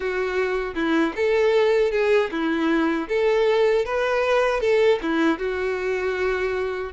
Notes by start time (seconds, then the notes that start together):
0.00 F#4
0.74 E4
1.15 A4
1.91 G#4
2.31 E4
3.08 A4
3.85 B4
4.60 A4
5.01 E4
5.38 F#4